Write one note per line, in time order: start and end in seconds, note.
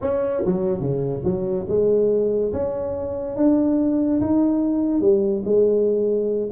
0.01 0.43 C#4
0.45 0.80 F#3
0.80 1.22 C#3
1.24 1.66 F#3
1.68 2.52 G#3
2.53 3.36 C#4
3.36 4.20 D4
4.20 5.00 D#4
5.00 5.42 G3
5.44 6.49 G#3